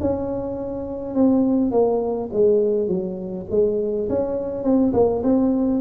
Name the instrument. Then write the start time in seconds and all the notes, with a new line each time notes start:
tuba
0.00 C#4
1.14 C4
1.71 A#3
2.32 G#3
2.88 F#3
3.50 G#3
4.09 C#4
4.63 C4
4.93 A#3
5.23 C4